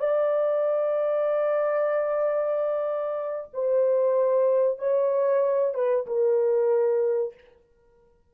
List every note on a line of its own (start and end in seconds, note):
0.00 3.51 D5
3.54 4.79 C5
4.79 5.75 C#5
5.75 6.07 B4
6.07 7.34 A#4